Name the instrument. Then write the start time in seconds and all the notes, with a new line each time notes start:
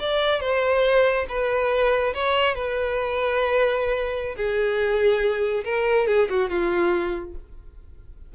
violin
0.00 D5
0.41 C5
1.29 B4
2.14 C#5
2.55 B4
4.37 G#4
5.65 A#4
6.07 G#4
6.30 F#4
6.50 F4